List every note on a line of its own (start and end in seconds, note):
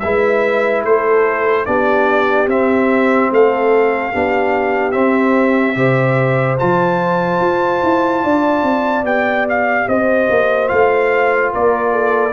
0.00 0.84 G#3
0.00 1.66 E4
0.00 0.85 B4
0.00 0.82 E5
0.84 1.66 A3
0.84 1.67 A4
0.84 1.66 C5
1.66 2.47 B3
1.66 2.48 D4
1.66 3.31 G4
1.66 2.48 D5
2.47 3.29 C4
2.47 4.13 C4
2.47 3.32 E5
3.32 4.14 A3
3.32 4.13 A4
3.32 4.92 F5
4.13 4.95 B3
4.13 4.92 D4
4.13 5.77 G4
4.92 5.74 C4
4.92 5.76 C4
4.92 6.56 E5
5.75 6.58 C3
5.75 6.57 G4
5.75 8.23 C5
6.59 7.41 F3
6.59 9.04 F4
6.59 9.06 A5
7.41 7.82 F4
7.83 8.24 E4
8.23 8.63 D4
8.23 9.88 D5
8.63 9.04 C4
9.04 9.86 B3
9.04 10.67 G4
9.04 9.47 G5
9.49 9.89 F5
9.88 10.29 C4
9.88 11.53 C5
9.88 10.69 D#5
10.30 10.71 A#3
10.67 11.54 A3
10.67 12.32 F4
10.67 11.51 F5
11.53 12.33 A#3
11.53 11.92 A#4
11.53 12.33 D5
11.92 12.33 A4